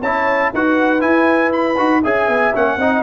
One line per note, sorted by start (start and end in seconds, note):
0.00 0.53 C#4
0.00 0.55 E4
0.00 0.50 C#5
0.00 0.52 A5
0.53 1.03 D#4
0.53 1.00 F#4
0.53 2.02 B4
0.53 1.01 F#5
1.00 1.76 E4
1.00 1.79 E4
1.00 1.52 G#5
1.53 2.03 B5
1.78 2.04 D#4
1.78 2.03 F#4
2.02 2.28 C#4
2.02 2.54 G#4
2.02 2.78 E5
2.02 2.55 G#5
2.28 2.53 B3
2.54 2.77 A#3
2.54 2.79 C#4
2.54 3.03 F#5
2.77 3.02 C4
2.77 3.03 D#4
2.77 3.03 D#5